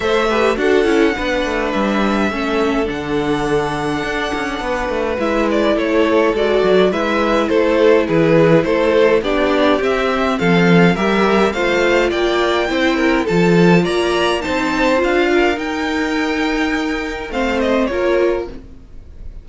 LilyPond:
<<
  \new Staff \with { instrumentName = "violin" } { \time 4/4 \tempo 4 = 104 e''4 fis''2 e''4~ | e''4 fis''2.~ | fis''4 e''8 d''8 cis''4 d''4 | e''4 c''4 b'4 c''4 |
d''4 e''4 f''4 e''4 | f''4 g''2 a''4 | ais''4 a''4 f''4 g''4~ | g''2 f''8 dis''8 cis''4 | }
  \new Staff \with { instrumentName = "violin" } { \time 4/4 c''8 b'8 a'4 b'2 | a'1 | b'2 a'2 | b'4 a'4 gis'4 a'4 |
g'2 a'4 ais'4 | c''4 d''4 c''8 ais'8 a'4 | d''4 c''4. ais'4.~ | ais'2 c''4 ais'4 | }
  \new Staff \with { instrumentName = "viola" } { \time 4/4 a'8 g'8 fis'8 e'8 d'2 | cis'4 d'2.~ | d'4 e'2 fis'4 | e'1 |
d'4 c'2 g'4 | f'2 e'4 f'4~ | f'4 dis'4 f'4 dis'4~ | dis'2 c'4 f'4 | }
  \new Staff \with { instrumentName = "cello" } { \time 4/4 a4 d'8 cis'8 b8 a8 g4 | a4 d2 d'8 cis'8 | b8 a8 gis4 a4 gis8 fis8 | gis4 a4 e4 a4 |
b4 c'4 f4 g4 | a4 ais4 c'4 f4 | ais4 c'4 d'4 dis'4~ | dis'2 a4 ais4 | }
>>